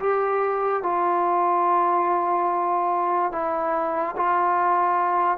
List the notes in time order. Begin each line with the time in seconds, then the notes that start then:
0.00 G4
0.83 F4
3.32 E4
4.17 F4